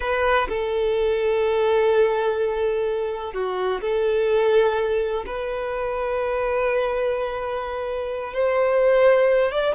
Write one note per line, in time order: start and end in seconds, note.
0.00 0.48 B4
0.48 3.33 A4
3.33 3.81 F#4
3.81 5.24 A4
5.26 8.33 B4
8.33 9.51 C5
9.51 9.74 D5